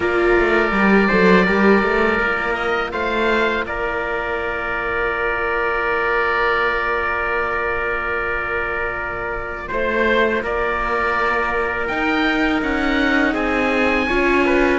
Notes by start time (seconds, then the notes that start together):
0.00 A#3 F4 A#4 D5
0.37 A3
0.71 G3 G4
1.07 F#3 A4 C5
1.45 G3 G4 A#4
1.83 A3
2.19 A#3 F4
2.54 D#5
2.91 A3 C5 F5
3.65 A#3 A#4 D5
9.68 A3 C5
10.42 A#3 A#4 D5
11.87 D#4 G5
12.62 C#4 F#5
13.33 C4 G#4 G#5
14.07 C#4 F4 C#5
14.45 B4